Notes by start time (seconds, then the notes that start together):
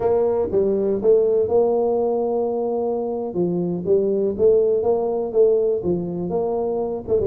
0.00 A#3
0.51 G3
1.02 A3
1.48 A#3
3.34 F3
3.85 G3
4.37 A3
4.82 A#3
5.32 A3
5.83 F3
6.29 A#3
7.08 A3
7.19 G3